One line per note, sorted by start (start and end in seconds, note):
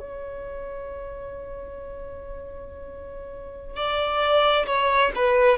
0.00 3.77 C#5
3.77 4.66 D5
4.67 5.12 C#5
5.15 5.58 B4